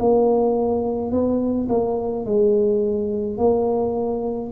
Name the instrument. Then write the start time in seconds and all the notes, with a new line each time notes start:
tuba
0.00 A#3
1.11 B3
1.69 A#3
2.25 G#3
3.38 A#3